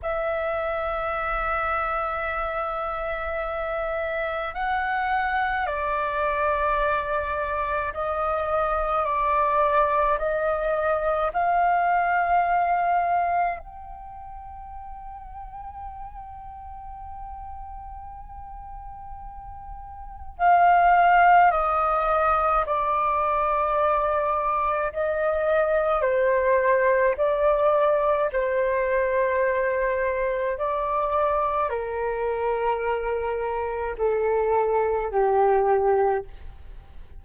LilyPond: \new Staff \with { instrumentName = "flute" } { \time 4/4 \tempo 4 = 53 e''1 | fis''4 d''2 dis''4 | d''4 dis''4 f''2 | g''1~ |
g''2 f''4 dis''4 | d''2 dis''4 c''4 | d''4 c''2 d''4 | ais'2 a'4 g'4 | }